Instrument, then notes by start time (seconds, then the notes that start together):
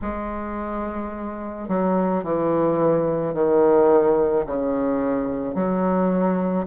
bassoon
0.02 G#3
1.68 F#3
2.23 E3
3.33 D#3
4.45 C#3
5.55 F#3